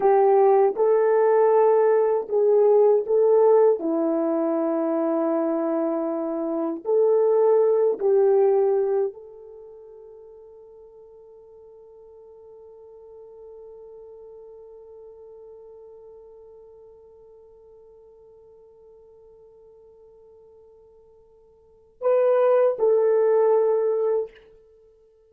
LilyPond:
\new Staff \with { instrumentName = "horn" } { \time 4/4 \tempo 4 = 79 g'4 a'2 gis'4 | a'4 e'2.~ | e'4 a'4. g'4. | a'1~ |
a'1~ | a'1~ | a'1~ | a'4 b'4 a'2 | }